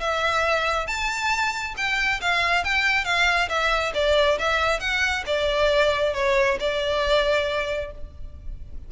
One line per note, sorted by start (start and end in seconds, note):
0.00 0.87 E5
0.87 1.74 A5
1.77 2.20 G5
2.21 2.64 F5
2.64 3.04 G5
3.04 3.48 F5
3.49 3.92 E5
3.94 4.38 D5
4.38 4.80 E5
4.80 5.23 F#5
5.26 6.14 D5
6.14 6.57 C#5
6.60 7.91 D5